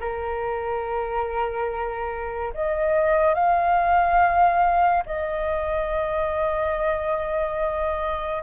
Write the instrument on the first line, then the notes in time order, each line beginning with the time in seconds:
flute
0.00 A#4
2.54 D#5
3.35 F5
5.06 D#5